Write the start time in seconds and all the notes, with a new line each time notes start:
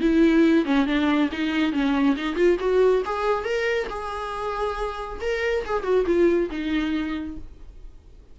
0.00 E4
0.65 C#4
0.86 D4
1.31 D#4
1.72 C#4
2.16 D#4
2.35 F4
2.59 F#4
3.05 G#4
3.44 A#4
3.89 G#4
5.20 A#4
5.65 G#4
5.83 F#4
6.06 F4
6.50 D#4